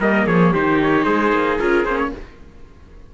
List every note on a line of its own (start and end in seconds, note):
0.00 0.27 G3
0.00 0.54 A#3
0.00 0.27 A#4
0.00 0.27 D#5
0.27 0.53 F3
0.27 0.53 G#4
0.27 0.54 C#5
0.53 1.06 D#3
0.53 1.60 D#4
0.53 1.05 G4
0.53 0.81 C5
0.82 1.04 C#5
1.04 1.33 G#3
1.04 2.11 G#4
1.04 1.57 C5
1.33 1.59 A#3
1.59 1.85 C#4
1.59 1.86 F4
1.59 1.86 A#4
1.85 2.12 A#3
1.85 2.14 C#4
1.85 1.98 C5
1.98 2.11 C#5